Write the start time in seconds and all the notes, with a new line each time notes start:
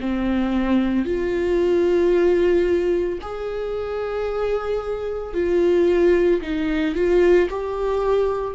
0.00 C4
1.05 F4
3.21 G#4
5.34 F4
6.41 D#4
6.95 F4
7.50 G4